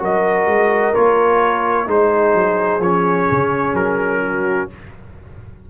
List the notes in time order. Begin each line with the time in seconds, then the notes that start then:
0.00 F#3 F#4 A#4 D#5
0.47 G#3
0.95 A#3 F4 C#5
1.87 G#3 D#4 G#4 C5
2.35 F#3
2.80 F3 C#4 C#5
3.31 C#3
3.74 F#3 A#4
4.23 F#4